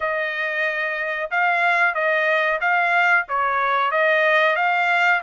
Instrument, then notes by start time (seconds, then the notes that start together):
trumpet
0.00 D#5
1.30 F5
1.94 D#5
2.60 F5
3.28 C#5
3.91 D#5
4.55 F5